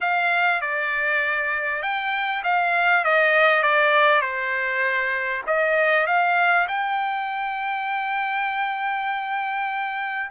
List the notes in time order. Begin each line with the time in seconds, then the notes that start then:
0.00 F5
0.61 D5
1.82 G5
2.43 F5
3.04 D#5
3.62 D5
4.21 C5
5.46 D#5
6.06 F5
6.68 G5